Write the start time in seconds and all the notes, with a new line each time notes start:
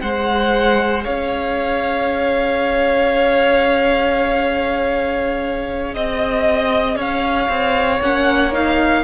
0.00 G#3 G#4 C5 F#5
1.04 C#4 C#5 F5
5.94 C4 D#5
6.96 C#4 C#5 F5
7.49 C4
8.01 A#3 C#4 F#5
8.53 D#4 F5